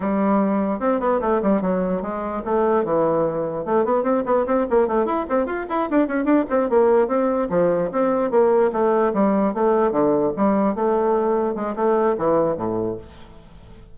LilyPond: \new Staff \with { instrumentName = "bassoon" } { \time 4/4 \tempo 4 = 148 g2 c'8 b8 a8 g8 | fis4 gis4 a4 e4~ | e4 a8 b8 c'8 b8 c'8 ais8 | a8 e'8 c'8 f'8 e'8 d'8 cis'8 d'8 |
c'8 ais4 c'4 f4 c'8~ | c'8 ais4 a4 g4 a8~ | a8 d4 g4 a4.~ | a8 gis8 a4 e4 a,4 | }